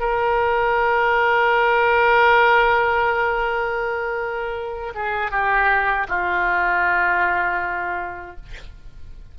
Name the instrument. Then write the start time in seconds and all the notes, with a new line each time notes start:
oboe
0.00 A#4
4.95 G#4
5.31 G4
6.08 F4